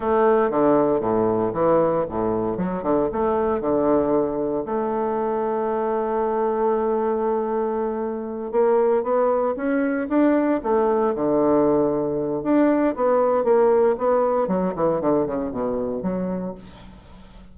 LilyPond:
\new Staff \with { instrumentName = "bassoon" } { \time 4/4 \tempo 4 = 116 a4 d4 a,4 e4 | a,4 fis8 d8 a4 d4~ | d4 a2.~ | a1~ |
a8 ais4 b4 cis'4 d'8~ | d'8 a4 d2~ d8 | d'4 b4 ais4 b4 | fis8 e8 d8 cis8 b,4 fis4 | }